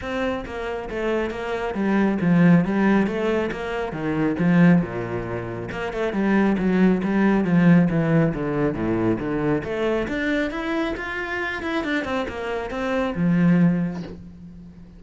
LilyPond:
\new Staff \with { instrumentName = "cello" } { \time 4/4 \tempo 4 = 137 c'4 ais4 a4 ais4 | g4 f4 g4 a4 | ais4 dis4 f4 ais,4~ | ais,4 ais8 a8 g4 fis4 |
g4 f4 e4 d4 | a,4 d4 a4 d'4 | e'4 f'4. e'8 d'8 c'8 | ais4 c'4 f2 | }